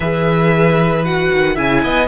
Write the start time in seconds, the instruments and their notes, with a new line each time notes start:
0.00 cello E3, viola G#4, violin B4 E5
1.05 viola F#4, violin F#5
1.32 cello D#3
1.54 cello C#3, viola E4, violin E5 G#5
1.83 cello B3, violin D#5